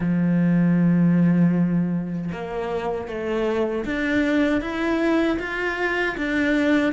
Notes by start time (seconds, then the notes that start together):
0.00 F3
2.31 A#3
3.08 A3
3.85 D4
4.61 E4
5.38 F4
6.17 D4